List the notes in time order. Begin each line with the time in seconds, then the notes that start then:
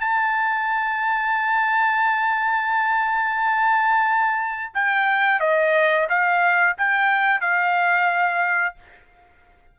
0.00 A5
4.75 G5
5.40 D#5
6.09 F5
6.78 G5
7.41 F5